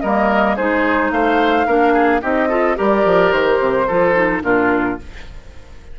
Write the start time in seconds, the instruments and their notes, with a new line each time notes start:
0.00 bassoon G3, clarinet A#3, oboe A#4, flute D#5
0.56 bassoon G#3, clarinet D#4, oboe G#4, flute C5
1.11 bassoon A3, oboe C5, flute F5
1.66 bassoon A#3, clarinet D4, oboe A#4
1.93 oboe G#4
2.21 bassoon C4, clarinet D#4, oboe G4, flute D#5
2.48 clarinet F4, oboe A4
2.75 bassoon G3, clarinet G4, oboe A#4, flute D5
3.05 bassoon F3
3.31 bassoon D#3, flute C5
3.60 bassoon C3
3.87 bassoon F3, clarinet F4, oboe A4
4.14 clarinet D#4
4.42 bassoon A#2, clarinet D4, oboe F4, flute A#4